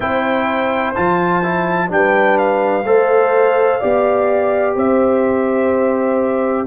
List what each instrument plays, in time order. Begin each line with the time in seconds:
0.00 tuba C4, trombone E4, horn C5, trumpet G5
0.95 tuba F3, trombone F4, trumpet A5
1.42 trombone E4
1.88 tuba G3, trombone D4, trumpet G5
1.94 horn B4
2.38 trumpet F5
2.84 tuba A3, trombone A4, horn C5
3.79 tuba B3, trombone G4, horn D5
4.75 tuba C4, horn C5, trumpet E5